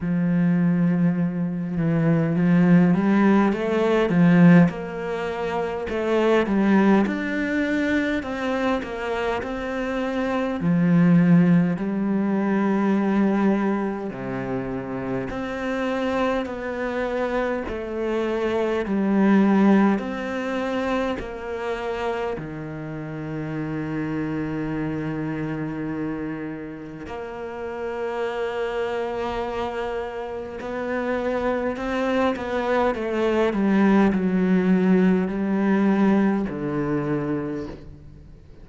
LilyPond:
\new Staff \with { instrumentName = "cello" } { \time 4/4 \tempo 4 = 51 f4. e8 f8 g8 a8 f8 | ais4 a8 g8 d'4 c'8 ais8 | c'4 f4 g2 | c4 c'4 b4 a4 |
g4 c'4 ais4 dis4~ | dis2. ais4~ | ais2 b4 c'8 b8 | a8 g8 fis4 g4 d4 | }